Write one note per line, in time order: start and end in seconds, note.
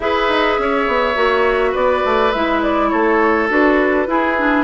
0.00 0.28 E4
0.00 1.15 G#4
0.00 0.60 B4
0.00 1.75 E5
0.28 0.57 D#4
0.58 0.87 C#4
0.58 1.71 C#5
0.87 1.16 B3
1.15 1.74 A#3
1.15 2.31 F#4
1.71 2.03 B3
1.71 2.87 B4
1.71 2.31 D5
2.04 2.33 A3
2.31 2.92 G#3
2.31 3.49 E4
2.31 2.60 E5
2.62 2.89 D5
2.89 3.49 A3
2.89 4.07 A4
2.89 3.47 C#5
3.49 4.07 D4
3.49 4.06 F#4
3.49 4.64 B4
4.06 4.36 E4
4.06 4.64 E4
4.06 4.64 G#4
4.37 4.64 D4